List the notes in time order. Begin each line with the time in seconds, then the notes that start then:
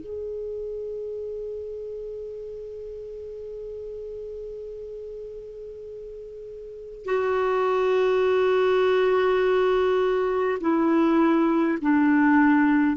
0.00 G#4
7.05 F#4
10.60 E4
11.81 D4